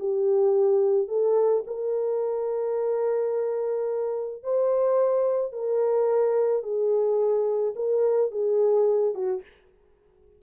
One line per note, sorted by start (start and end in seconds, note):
0.00 1.08 G4
1.08 1.64 A4
1.67 4.44 A#4
4.44 5.53 C5
5.53 6.63 A#4
6.63 7.74 G#4
7.76 8.32 A#4
8.32 9.15 G#4
9.15 9.43 F#4